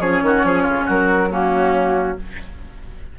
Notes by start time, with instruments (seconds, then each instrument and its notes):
0.00 bassoon F3, clarinet C#4, oboe G#4, flute C#5
0.22 bassoon D#3, oboe F#4
0.44 bassoon F3, oboe G#4
0.63 bassoon C#3, oboe F4
0.86 bassoon F#3, oboe F#4, flute A#4
1.30 clarinet A#3, oboe C#4, flute F#4